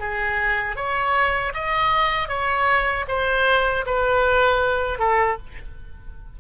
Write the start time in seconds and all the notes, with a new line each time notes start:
0.00 G#4
0.77 C#5
1.55 D#5
2.29 C#5
3.09 C5
3.86 B4
4.99 A4